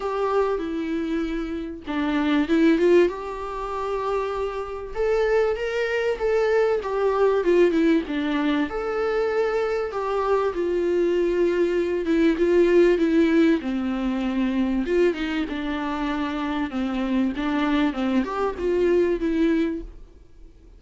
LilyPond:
\new Staff \with { instrumentName = "viola" } { \time 4/4 \tempo 4 = 97 g'4 e'2 d'4 | e'8 f'8 g'2. | a'4 ais'4 a'4 g'4 | f'8 e'8 d'4 a'2 |
g'4 f'2~ f'8 e'8 | f'4 e'4 c'2 | f'8 dis'8 d'2 c'4 | d'4 c'8 g'8 f'4 e'4 | }